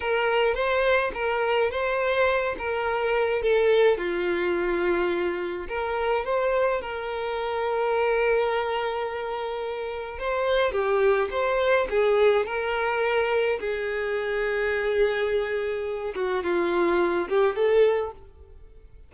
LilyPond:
\new Staff \with { instrumentName = "violin" } { \time 4/4 \tempo 4 = 106 ais'4 c''4 ais'4 c''4~ | c''8 ais'4. a'4 f'4~ | f'2 ais'4 c''4 | ais'1~ |
ais'2 c''4 g'4 | c''4 gis'4 ais'2 | gis'1~ | gis'8 fis'8 f'4. g'8 a'4 | }